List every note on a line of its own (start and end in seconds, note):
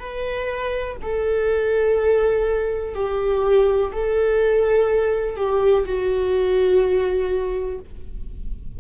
0.00 0.97 B4
1.02 2.95 A4
2.95 3.91 G4
3.93 5.37 A4
5.37 5.85 G4
5.86 7.79 F#4